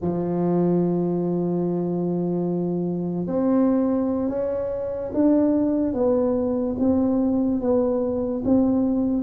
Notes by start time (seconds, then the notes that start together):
0.01 F3
3.27 C4
4.29 C#4
5.13 D4
5.93 B3
6.79 C4
7.60 B3
8.44 C4